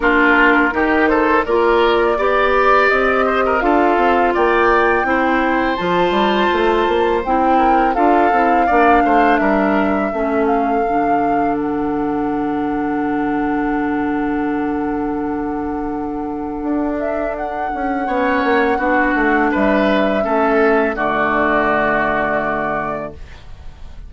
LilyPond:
<<
  \new Staff \with { instrumentName = "flute" } { \time 4/4 \tempo 4 = 83 ais'4. c''8 d''2 | dis''4 f''4 g''2 | a''2 g''4 f''4~ | f''4 e''4. f''4. |
fis''1~ | fis''2.~ fis''8 e''8 | fis''2. e''4~ | e''4 d''2. | }
  \new Staff \with { instrumentName = "oboe" } { \time 4/4 f'4 g'8 a'8 ais'4 d''4~ | d''8 c''16 ais'16 a'4 d''4 c''4~ | c''2~ c''8 ais'8 a'4 | d''8 c''8 ais'4 a'2~ |
a'1~ | a'1~ | a'4 cis''4 fis'4 b'4 | a'4 fis'2. | }
  \new Staff \with { instrumentName = "clarinet" } { \time 4/4 d'4 dis'4 f'4 g'4~ | g'4 f'2 e'4 | f'2 e'4 f'8 e'8 | d'2 cis'4 d'4~ |
d'1~ | d'1~ | d'4 cis'4 d'2 | cis'4 a2. | }
  \new Staff \with { instrumentName = "bassoon" } { \time 4/4 ais4 dis4 ais4 b4 | c'4 d'8 c'8 ais4 c'4 | f8 g8 a8 ais8 c'4 d'8 c'8 | ais8 a8 g4 a4 d4~ |
d1~ | d2. d'4~ | d'8 cis'8 b8 ais8 b8 a8 g4 | a4 d2. | }
>>